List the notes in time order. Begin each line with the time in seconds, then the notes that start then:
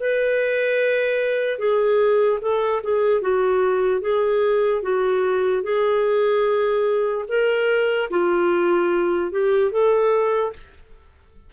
0.00 B4
1.58 G#4
2.41 A4
2.83 G#4
3.22 F#4
4.01 G#4
4.82 F#4
5.63 G#4
7.29 A#4
8.10 F4
9.32 G4
9.72 A4